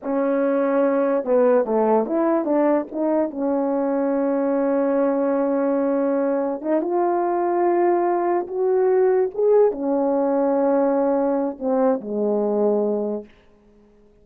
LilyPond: \new Staff \with { instrumentName = "horn" } { \time 4/4 \tempo 4 = 145 cis'2. b4 | a4 e'4 d'4 dis'4 | cis'1~ | cis'1 |
dis'8 f'2.~ f'8~ | f'8 fis'2 gis'4 cis'8~ | cis'1 | c'4 gis2. | }